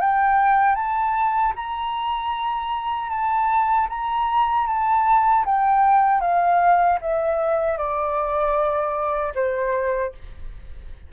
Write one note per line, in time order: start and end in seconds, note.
0.00 0.75 G5
0.75 1.53 A5
1.55 3.09 A#5
3.09 3.87 A5
3.89 4.66 A#5
4.66 5.44 A5
5.45 6.21 G5
6.21 6.98 F5
7.01 7.77 E5
7.77 9.33 D5
9.34 10.12 C5